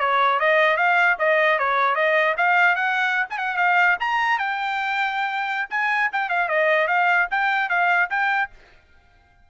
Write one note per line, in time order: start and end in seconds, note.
0.00 0.40 C#5
0.40 0.77 D#5
0.77 1.17 F5
1.19 1.59 D#5
1.59 1.95 C#5
1.95 2.35 D#5
2.37 2.76 F5
2.76 3.26 F#5
3.30 3.39 G#5
3.39 3.57 F#5
3.57 3.97 F5
4.00 4.39 A#5
4.39 5.69 G5
5.70 6.10 G#5
6.13 6.30 G5
6.30 6.49 F5
6.49 6.88 D#5
6.88 7.28 F5
7.31 7.69 G5
7.69 8.09 F5
8.10 8.50 G5